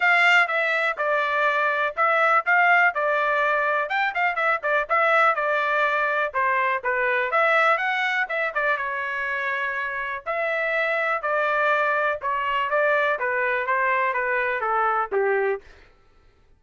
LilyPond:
\new Staff \with { instrumentName = "trumpet" } { \time 4/4 \tempo 4 = 123 f''4 e''4 d''2 | e''4 f''4 d''2 | g''8 f''8 e''8 d''8 e''4 d''4~ | d''4 c''4 b'4 e''4 |
fis''4 e''8 d''8 cis''2~ | cis''4 e''2 d''4~ | d''4 cis''4 d''4 b'4 | c''4 b'4 a'4 g'4 | }